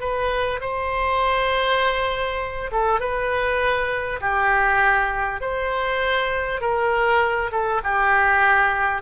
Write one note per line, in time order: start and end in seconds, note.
0.00 0.60 B4
0.60 2.70 C5
2.71 2.99 A4
2.99 4.19 B4
4.21 5.40 G4
5.40 6.60 C5
6.61 7.51 A#4
7.51 7.81 A4
7.83 9.02 G4